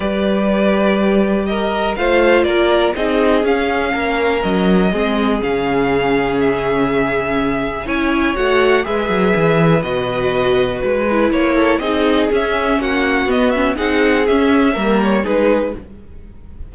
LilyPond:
<<
  \new Staff \with { instrumentName = "violin" } { \time 4/4 \tempo 4 = 122 d''2. dis''4 | f''4 d''4 dis''4 f''4~ | f''4 dis''2 f''4~ | f''4 e''2. |
gis''4 fis''4 e''2 | dis''2 b'4 cis''4 | dis''4 e''4 fis''4 dis''8 e''8 | fis''4 e''4. cis''8 b'4 | }
  \new Staff \with { instrumentName = "violin" } { \time 4/4 b'2. ais'4 | c''4 ais'4 gis'2 | ais'2 gis'2~ | gis'1 |
cis''2 b'2~ | b'2.~ b'8 a'8 | gis'2 fis'2 | gis'2 ais'4 gis'4 | }
  \new Staff \with { instrumentName = "viola" } { \time 4/4 g'1 | f'2 dis'4 cis'4~ | cis'2 c'4 cis'4~ | cis'1 |
e'4 fis'4 gis'2 | fis'2~ fis'8 e'4. | dis'4 cis'2 b8 cis'8 | dis'4 cis'4 ais4 dis'4 | }
  \new Staff \with { instrumentName = "cello" } { \time 4/4 g1 | a4 ais4 c'4 cis'4 | ais4 fis4 gis4 cis4~ | cis1 |
cis'4 a4 gis8 fis8 e4 | b,2 gis4 ais4 | c'4 cis'4 ais4 b4 | c'4 cis'4 g4 gis4 | }
>>